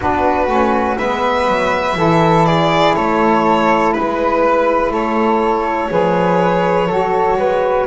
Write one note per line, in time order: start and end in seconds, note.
0.00 0.47 B3
0.00 0.47 D4
0.00 0.98 F#4
0.00 0.98 B4
0.47 0.96 A3
0.47 0.96 C#4
0.97 1.47 G#3
0.97 1.95 B3
0.97 1.96 B4
0.97 2.45 E5
1.47 1.95 F#3
1.95 2.94 E3
1.95 5.89 E4
1.95 2.46 A4
2.45 2.95 G#4
2.45 2.94 D5
2.95 3.94 A3
2.95 3.92 A4
2.95 3.93 C#5
3.92 4.90 G#3
3.92 4.91 B4
3.92 4.92 B4
4.90 5.89 A3
4.90 5.90 A4
4.90 7.86 C#5
5.89 6.89 F3
5.89 6.87 G#4
5.89 6.87 B4
6.87 7.36 F#3
6.87 7.86 F#4
6.87 7.36 A4
7.36 7.85 G#3
7.36 7.86 B4